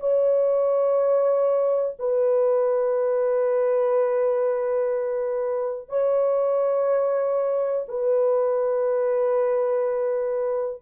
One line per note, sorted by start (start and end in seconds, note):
0.00 1.97 C#5
1.99 5.90 B4
5.90 7.86 C#5
7.89 10.82 B4